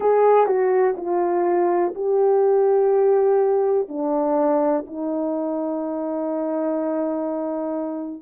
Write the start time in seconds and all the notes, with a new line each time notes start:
0.00 G#4
0.46 F#4
0.96 F4
1.94 G4
3.88 D4
4.86 D#4